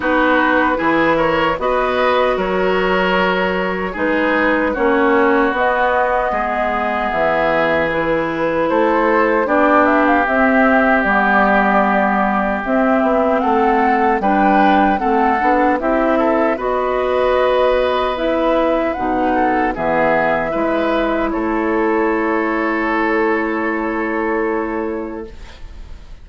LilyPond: <<
  \new Staff \with { instrumentName = "flute" } { \time 4/4 \tempo 4 = 76 b'4. cis''8 dis''4 cis''4~ | cis''4 b'4 cis''4 dis''4~ | dis''4 e''4 b'4 c''4 | d''8 e''16 f''16 e''4 d''2 |
e''4 fis''4 g''4 fis''4 | e''4 dis''2 e''4 | fis''4 e''2 cis''4~ | cis''1 | }
  \new Staff \with { instrumentName = "oboe" } { \time 4/4 fis'4 gis'8 ais'8 b'4 ais'4~ | ais'4 gis'4 fis'2 | gis'2. a'4 | g'1~ |
g'4 a'4 b'4 a'4 | g'8 a'8 b'2.~ | b'8 a'8 gis'4 b'4 a'4~ | a'1 | }
  \new Staff \with { instrumentName = "clarinet" } { \time 4/4 dis'4 e'4 fis'2~ | fis'4 dis'4 cis'4 b4~ | b2 e'2 | d'4 c'4 b2 |
c'2 d'4 c'8 d'8 | e'4 fis'2 e'4 | dis'4 b4 e'2~ | e'1 | }
  \new Staff \with { instrumentName = "bassoon" } { \time 4/4 b4 e4 b4 fis4~ | fis4 gis4 ais4 b4 | gis4 e2 a4 | b4 c'4 g2 |
c'8 b8 a4 g4 a8 b8 | c'4 b2. | b,4 e4 gis4 a4~ | a1 | }
>>